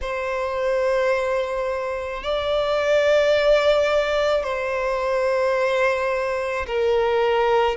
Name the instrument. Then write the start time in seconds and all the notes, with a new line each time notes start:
violin
0.01 C5
2.23 D5
4.43 C5
6.67 A#4